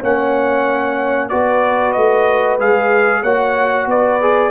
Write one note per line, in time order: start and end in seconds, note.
0.00 1.31 A#3
0.00 1.30 C#4
0.00 1.29 C#5
0.00 1.29 F#5
1.29 1.96 B3
1.29 2.59 F#4
1.29 3.22 B4
1.29 1.92 D5
1.92 2.59 A3
1.92 2.56 D#5
2.59 3.22 G#3
2.59 3.23 G#4
2.59 3.23 F5
3.22 3.86 A#3
3.22 4.21 F#4
3.22 3.86 C#5
3.22 3.87 F#5
3.86 4.51 B3
3.86 4.51 B4
3.86 4.51 D5
4.21 4.51 G#4